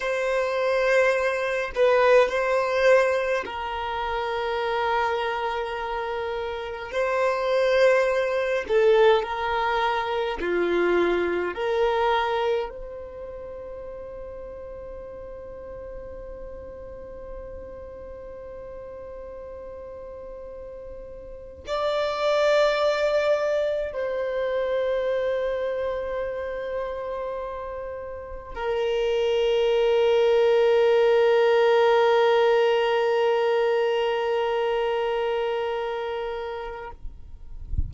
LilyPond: \new Staff \with { instrumentName = "violin" } { \time 4/4 \tempo 4 = 52 c''4. b'8 c''4 ais'4~ | ais'2 c''4. a'8 | ais'4 f'4 ais'4 c''4~ | c''1~ |
c''2~ c''8. d''4~ d''16~ | d''8. c''2.~ c''16~ | c''8. ais'2.~ ais'16~ | ais'1 | }